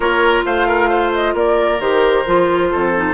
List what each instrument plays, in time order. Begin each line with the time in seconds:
0.00 bassoon A#3, clarinet F4, oboe A#4, flute C#5
0.45 bassoon A3, oboe C5, flute F5
0.67 oboe A#4
0.89 oboe C5
1.13 flute D#5
1.34 bassoon A#3, oboe A#4, flute D5
1.79 bassoon D#3, clarinet G4, flute C5
2.26 bassoon F3, clarinet F4
2.70 bassoon F2, oboe A4
2.95 clarinet D#4